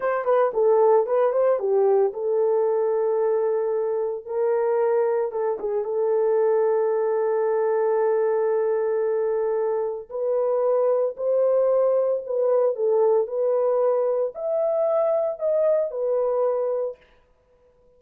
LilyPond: \new Staff \with { instrumentName = "horn" } { \time 4/4 \tempo 4 = 113 c''8 b'8 a'4 b'8 c''8 g'4 | a'1 | ais'2 a'8 gis'8 a'4~ | a'1~ |
a'2. b'4~ | b'4 c''2 b'4 | a'4 b'2 e''4~ | e''4 dis''4 b'2 | }